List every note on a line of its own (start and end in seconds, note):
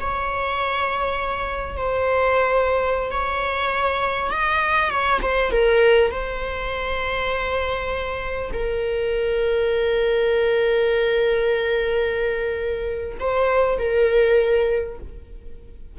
0.00 1.76 C#5
1.76 3.11 C5
3.11 4.31 C#5
4.31 4.90 D#5
4.90 5.20 C#5
5.21 5.51 C5
5.51 6.11 A#4
6.11 8.51 C5
8.53 13.18 A#4
13.20 13.79 C5
13.79 14.99 A#4